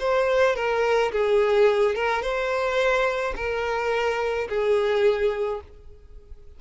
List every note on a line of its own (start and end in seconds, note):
0.00 0.56 C5
0.56 1.12 A#4
1.13 1.95 G#4
1.95 2.23 A#4
2.23 3.35 C5
3.36 4.49 A#4
4.49 5.61 G#4